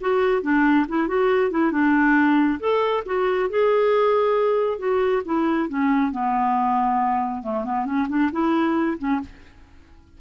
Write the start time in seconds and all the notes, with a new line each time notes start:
0.00 F#4
0.42 D4
0.88 E4
1.07 F#4
1.50 E4
1.71 D4
2.59 A4
3.05 F#4
3.49 G#4
4.78 F#4
5.25 E4
5.68 C#4
6.11 B3
7.43 A3
7.64 B3
7.85 C#4
8.08 D4
8.32 E4
8.98 C#4